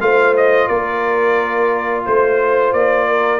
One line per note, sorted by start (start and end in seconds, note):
0.00 0.68 A3
0.00 3.40 F4
0.00 0.68 C5
0.00 0.35 F5
0.37 0.68 D#5
0.68 2.06 A#3
0.68 2.04 A#4
0.68 2.04 D5
2.05 2.72 A3
2.05 2.73 C5
2.05 3.08 C5
2.72 3.40 A#3
2.72 3.40 D5
3.08 3.40 A#4